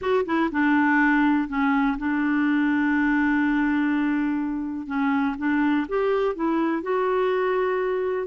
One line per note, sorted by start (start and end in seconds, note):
0.01 0.25 F#4
0.25 0.50 E4
0.51 1.48 D4
1.48 1.97 C#4
1.98 4.86 D4
4.86 5.35 C#4
5.38 5.86 D4
5.88 6.35 G4
6.35 6.82 E4
6.82 8.27 F#4